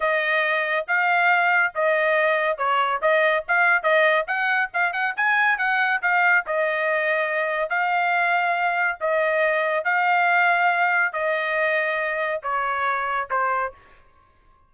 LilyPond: \new Staff \with { instrumentName = "trumpet" } { \time 4/4 \tempo 4 = 140 dis''2 f''2 | dis''2 cis''4 dis''4 | f''4 dis''4 fis''4 f''8 fis''8 | gis''4 fis''4 f''4 dis''4~ |
dis''2 f''2~ | f''4 dis''2 f''4~ | f''2 dis''2~ | dis''4 cis''2 c''4 | }